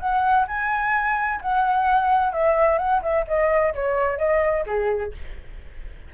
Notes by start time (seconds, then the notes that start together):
0.00 F#5
0.48 G#5
1.42 F#5
2.33 E5
2.79 F#5
3.03 E5
3.28 D#5
3.75 C#5
4.19 D#5
4.67 G#4